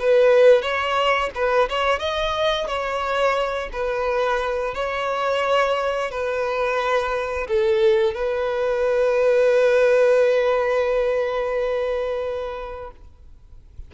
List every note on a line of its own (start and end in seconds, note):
0.00 0.62 B4
0.62 1.30 C#5
1.35 1.69 B4
1.70 1.99 C#5
1.99 2.67 D#5
2.67 3.70 C#5
3.73 4.74 B4
4.74 6.11 C#5
6.11 7.48 B4
7.48 8.14 A4
8.14 12.91 B4